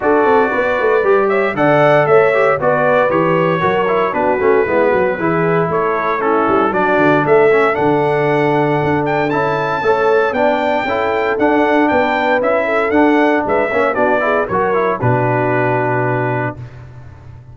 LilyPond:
<<
  \new Staff \with { instrumentName = "trumpet" } { \time 4/4 \tempo 4 = 116 d''2~ d''8 e''8 fis''4 | e''4 d''4 cis''2 | b'2. cis''4 | a'4 d''4 e''4 fis''4~ |
fis''4. g''8 a''2 | g''2 fis''4 g''4 | e''4 fis''4 e''4 d''4 | cis''4 b'2. | }
  \new Staff \with { instrumentName = "horn" } { \time 4/4 a'4 b'4. cis''8 d''4 | cis''4 b'2 ais'4 | fis'4 e'8 fis'8 gis'4 a'4 | e'4 fis'4 a'2~ |
a'2. cis''4 | d''4 a'2 b'4~ | b'8 a'4. b'8 cis''8 fis'8 gis'8 | ais'4 fis'2. | }
  \new Staff \with { instrumentName = "trombone" } { \time 4/4 fis'2 g'4 a'4~ | a'8 g'8 fis'4 g'4 fis'8 e'8 | d'8 cis'8 b4 e'2 | cis'4 d'4. cis'8 d'4~ |
d'2 e'4 a'4 | d'4 e'4 d'2 | e'4 d'4. cis'8 d'8 e'8 | fis'8 e'8 d'2. | }
  \new Staff \with { instrumentName = "tuba" } { \time 4/4 d'8 c'8 b8 a8 g4 d4 | a4 b4 e4 fis4 | b8 a8 gis8 fis8 e4 a4~ | a8 g8 fis8 d8 a4 d4~ |
d4 d'4 cis'4 a4 | b4 cis'4 d'4 b4 | cis'4 d'4 gis8 ais8 b4 | fis4 b,2. | }
>>